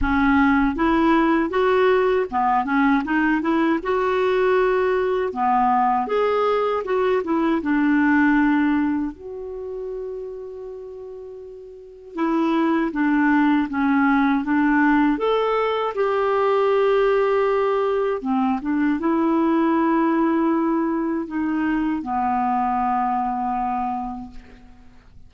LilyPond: \new Staff \with { instrumentName = "clarinet" } { \time 4/4 \tempo 4 = 79 cis'4 e'4 fis'4 b8 cis'8 | dis'8 e'8 fis'2 b4 | gis'4 fis'8 e'8 d'2 | fis'1 |
e'4 d'4 cis'4 d'4 | a'4 g'2. | c'8 d'8 e'2. | dis'4 b2. | }